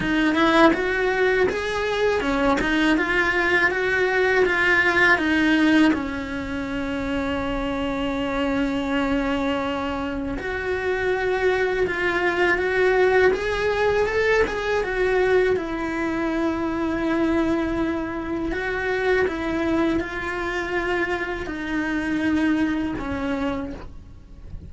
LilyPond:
\new Staff \with { instrumentName = "cello" } { \time 4/4 \tempo 4 = 81 dis'8 e'8 fis'4 gis'4 cis'8 dis'8 | f'4 fis'4 f'4 dis'4 | cis'1~ | cis'2 fis'2 |
f'4 fis'4 gis'4 a'8 gis'8 | fis'4 e'2.~ | e'4 fis'4 e'4 f'4~ | f'4 dis'2 cis'4 | }